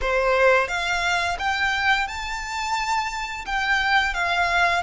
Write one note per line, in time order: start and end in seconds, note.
0.01 0.68 C5
0.68 1.37 F5
1.38 2.07 G5
2.07 3.45 A5
3.45 4.14 G5
4.14 4.82 F5